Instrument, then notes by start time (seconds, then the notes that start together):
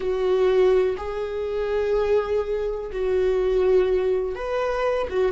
viola
0.00 F#4
0.97 G#4
2.92 F#4
4.35 B4
5.09 F#4